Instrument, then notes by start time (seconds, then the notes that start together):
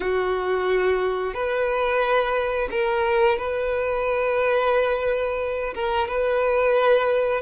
violin
0.00 F#4
1.34 B4
2.70 A#4
3.38 B4
5.74 A#4
6.08 B4